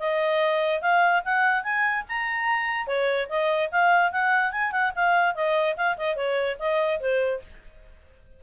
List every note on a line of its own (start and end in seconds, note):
0.00 0.82 D#5
0.82 1.23 F5
1.25 1.64 F#5
1.64 2.05 G#5
2.09 2.87 A#5
2.87 3.29 C#5
3.29 3.70 D#5
3.72 4.12 F5
4.12 4.52 F#5
4.52 4.72 G#5
4.72 4.93 F#5
4.96 5.35 F5
5.35 5.76 D#5
5.77 5.97 F5
5.98 6.16 D#5
6.16 6.57 C#5
6.60 7.01 D#5
7.01 7.42 C5